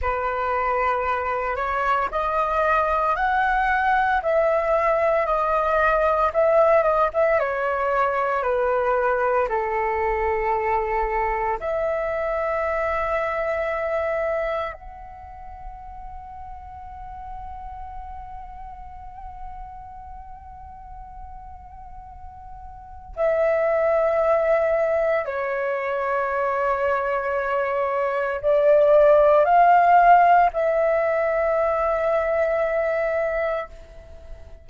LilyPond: \new Staff \with { instrumentName = "flute" } { \time 4/4 \tempo 4 = 57 b'4. cis''8 dis''4 fis''4 | e''4 dis''4 e''8 dis''16 e''16 cis''4 | b'4 a'2 e''4~ | e''2 fis''2~ |
fis''1~ | fis''2 e''2 | cis''2. d''4 | f''4 e''2. | }